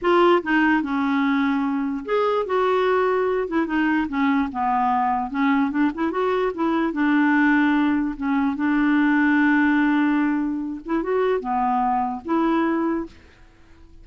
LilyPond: \new Staff \with { instrumentName = "clarinet" } { \time 4/4 \tempo 4 = 147 f'4 dis'4 cis'2~ | cis'4 gis'4 fis'2~ | fis'8 e'8 dis'4 cis'4 b4~ | b4 cis'4 d'8 e'8 fis'4 |
e'4 d'2. | cis'4 d'2.~ | d'2~ d'8 e'8 fis'4 | b2 e'2 | }